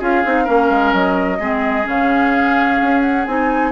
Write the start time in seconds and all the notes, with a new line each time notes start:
0.00 C#4 F4 G#4 F5
0.25 C4 D#4
0.45 A#3 C#4 A#4
0.70 G#3
0.93 F#3 D#5
1.40 G#3 C4 G#4
1.84 C#3 C#4 F5
2.82 C#4
3.02 F#5
3.26 C4 D#4 G#5